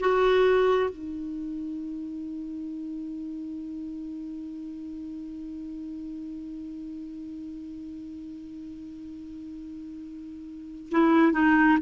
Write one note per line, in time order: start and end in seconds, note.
0.00 0.90 F#4
0.90 10.90 D#4
10.91 11.33 E4
11.33 11.79 D#4